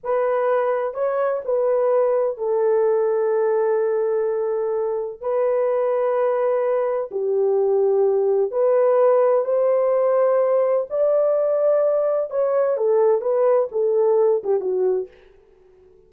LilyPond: \new Staff \with { instrumentName = "horn" } { \time 4/4 \tempo 4 = 127 b'2 cis''4 b'4~ | b'4 a'2.~ | a'2. b'4~ | b'2. g'4~ |
g'2 b'2 | c''2. d''4~ | d''2 cis''4 a'4 | b'4 a'4. g'8 fis'4 | }